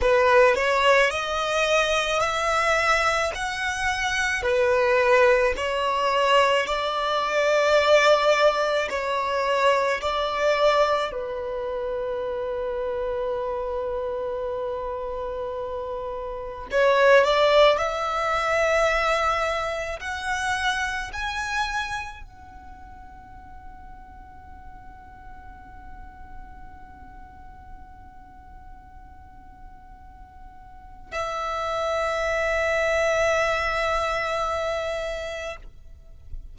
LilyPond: \new Staff \with { instrumentName = "violin" } { \time 4/4 \tempo 4 = 54 b'8 cis''8 dis''4 e''4 fis''4 | b'4 cis''4 d''2 | cis''4 d''4 b'2~ | b'2. cis''8 d''8 |
e''2 fis''4 gis''4 | fis''1~ | fis''1 | e''1 | }